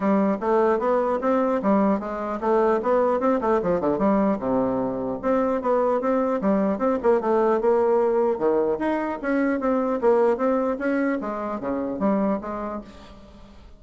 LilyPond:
\new Staff \with { instrumentName = "bassoon" } { \time 4/4 \tempo 4 = 150 g4 a4 b4 c'4 | g4 gis4 a4 b4 | c'8 a8 f8 d8 g4 c4~ | c4 c'4 b4 c'4 |
g4 c'8 ais8 a4 ais4~ | ais4 dis4 dis'4 cis'4 | c'4 ais4 c'4 cis'4 | gis4 cis4 g4 gis4 | }